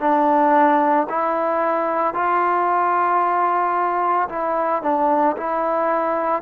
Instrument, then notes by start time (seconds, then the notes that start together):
trombone
0.00 D4
1.09 E4
2.14 F4
4.29 E4
4.82 D4
5.37 E4